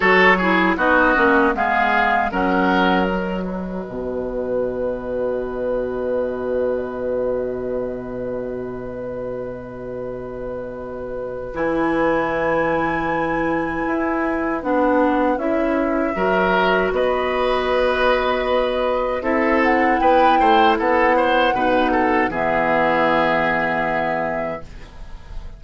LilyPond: <<
  \new Staff \with { instrumentName = "flute" } { \time 4/4 \tempo 4 = 78 cis''4 dis''4 f''4 fis''4 | dis''1~ | dis''1~ | dis''2. gis''4~ |
gis''2. fis''4 | e''2 dis''2~ | dis''4 e''8 fis''8 g''4 fis''4~ | fis''4 e''2. | }
  \new Staff \with { instrumentName = "oboe" } { \time 4/4 a'8 gis'8 fis'4 gis'4 ais'4~ | ais'8 b'2.~ b'8~ | b'1~ | b'1~ |
b'1~ | b'4 ais'4 b'2~ | b'4 a'4 b'8 c''8 a'8 c''8 | b'8 a'8 gis'2. | }
  \new Staff \with { instrumentName = "clarinet" } { \time 4/4 fis'8 e'8 dis'8 cis'8 b4 cis'4 | fis'1~ | fis'1~ | fis'2. e'4~ |
e'2. d'4 | e'4 fis'2.~ | fis'4 e'2. | dis'4 b2. | }
  \new Staff \with { instrumentName = "bassoon" } { \time 4/4 fis4 b8 ais8 gis4 fis4~ | fis4 b,2.~ | b,1~ | b,2. e4~ |
e2 e'4 b4 | cis'4 fis4 b2~ | b4 c'4 b8 a8 b4 | b,4 e2. | }
>>